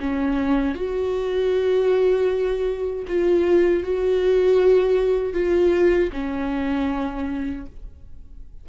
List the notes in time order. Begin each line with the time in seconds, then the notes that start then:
0.00 C#4
0.75 F#4
3.08 F4
3.84 F#4
5.34 F4
6.13 C#4